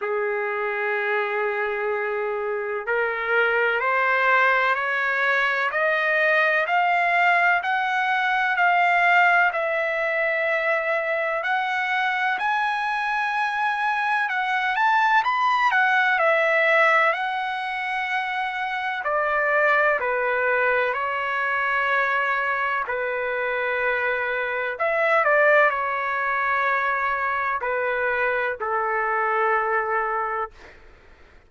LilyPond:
\new Staff \with { instrumentName = "trumpet" } { \time 4/4 \tempo 4 = 63 gis'2. ais'4 | c''4 cis''4 dis''4 f''4 | fis''4 f''4 e''2 | fis''4 gis''2 fis''8 a''8 |
b''8 fis''8 e''4 fis''2 | d''4 b'4 cis''2 | b'2 e''8 d''8 cis''4~ | cis''4 b'4 a'2 | }